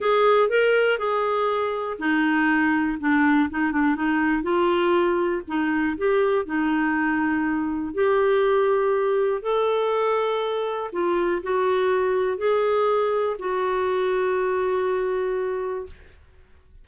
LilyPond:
\new Staff \with { instrumentName = "clarinet" } { \time 4/4 \tempo 4 = 121 gis'4 ais'4 gis'2 | dis'2 d'4 dis'8 d'8 | dis'4 f'2 dis'4 | g'4 dis'2. |
g'2. a'4~ | a'2 f'4 fis'4~ | fis'4 gis'2 fis'4~ | fis'1 | }